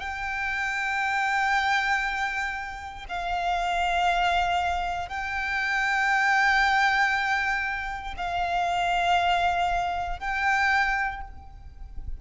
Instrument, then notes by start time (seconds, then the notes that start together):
violin
0.00 G5
3.09 F5
5.09 G5
8.17 F5
10.20 G5